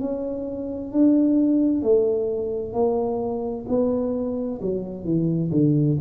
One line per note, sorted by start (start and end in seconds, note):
0.00 0.92 C#4
0.92 1.83 D4
1.83 2.74 A3
2.74 3.66 A#3
3.68 4.61 B3
4.62 5.04 F#3
5.04 5.50 E3
5.52 5.98 D3